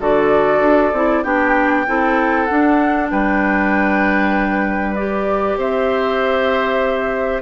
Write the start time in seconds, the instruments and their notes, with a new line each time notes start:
0.00 bassoon D3, clarinet F#4, oboe A4, flute D5
0.61 bassoon D4
0.93 bassoon C4, clarinet E4
1.24 bassoon B3, clarinet D4, oboe G4, flute G5
1.87 bassoon C4, clarinet E4, oboe A4
2.45 clarinet D4, bassoon D4, flute F#5
3.11 bassoon G3, oboe B4, flute G5
4.95 clarinet G4, flute D5
5.57 bassoon C4, oboe C5, flute E5